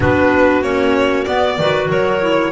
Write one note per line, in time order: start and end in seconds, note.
0.00 0.62 B3
0.00 0.63 D4
0.00 1.58 F#4
0.00 0.62 B4
0.62 1.25 A#3
0.62 1.26 C#4
0.62 1.24 C#5
1.24 1.58 B3
1.24 1.87 D5
1.58 1.89 D#3
1.58 2.21 F#4
1.58 1.89 B4
1.89 2.52 F#3
1.89 2.52 A#4
1.89 2.52 C#5
2.21 2.52 E4